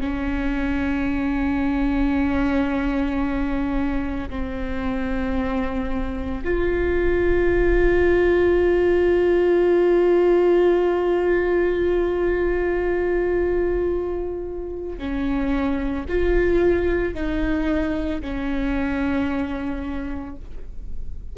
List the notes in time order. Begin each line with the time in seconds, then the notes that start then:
0.00 C#4
4.29 C4
6.44 F4
14.98 C#4
16.09 F4
17.14 D#4
18.21 C#4